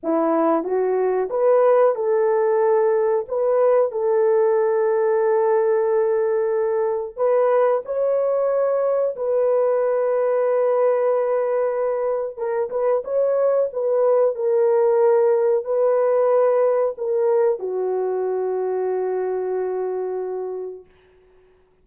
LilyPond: \new Staff \with { instrumentName = "horn" } { \time 4/4 \tempo 4 = 92 e'4 fis'4 b'4 a'4~ | a'4 b'4 a'2~ | a'2. b'4 | cis''2 b'2~ |
b'2. ais'8 b'8 | cis''4 b'4 ais'2 | b'2 ais'4 fis'4~ | fis'1 | }